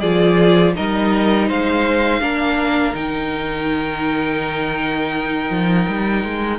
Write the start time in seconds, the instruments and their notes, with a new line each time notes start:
0.00 cello F3, viola F4, violin G#4 D5
0.75 cello G3, viola D#4, violin A#4 D#5
1.48 cello G#3, violin C5 F5
2.20 cello A#3, viola D4, violin A#4
2.94 cello D#3, viola D#4, violin G5
5.50 cello F3
5.88 cello G3
6.24 cello G#3